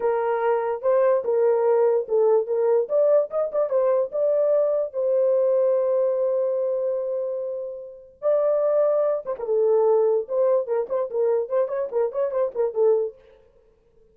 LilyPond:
\new Staff \with { instrumentName = "horn" } { \time 4/4 \tempo 4 = 146 ais'2 c''4 ais'4~ | ais'4 a'4 ais'4 d''4 | dis''8 d''8 c''4 d''2 | c''1~ |
c''1 | d''2~ d''8 c''16 ais'16 a'4~ | a'4 c''4 ais'8 c''8 ais'4 | c''8 cis''8 ais'8 cis''8 c''8 ais'8 a'4 | }